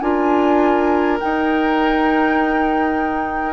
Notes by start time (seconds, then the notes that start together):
0.00 D4 F4 A#4 G#5
1.19 D#4 G5